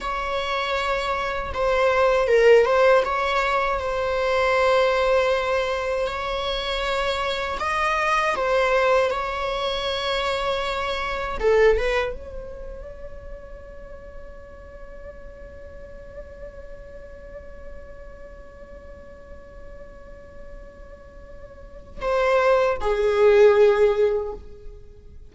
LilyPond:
\new Staff \with { instrumentName = "viola" } { \time 4/4 \tempo 4 = 79 cis''2 c''4 ais'8 c''8 | cis''4 c''2. | cis''2 dis''4 c''4 | cis''2. a'8 b'8 |
cis''1~ | cis''1~ | cis''1~ | cis''4 c''4 gis'2 | }